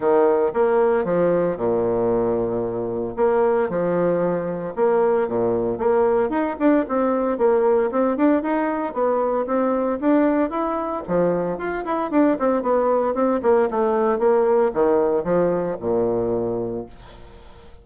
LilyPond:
\new Staff \with { instrumentName = "bassoon" } { \time 4/4 \tempo 4 = 114 dis4 ais4 f4 ais,4~ | ais,2 ais4 f4~ | f4 ais4 ais,4 ais4 | dis'8 d'8 c'4 ais4 c'8 d'8 |
dis'4 b4 c'4 d'4 | e'4 f4 f'8 e'8 d'8 c'8 | b4 c'8 ais8 a4 ais4 | dis4 f4 ais,2 | }